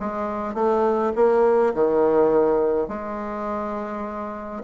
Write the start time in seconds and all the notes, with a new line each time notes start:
0.00 G#3
0.55 A3
1.15 A#3
1.74 D#3
2.88 G#3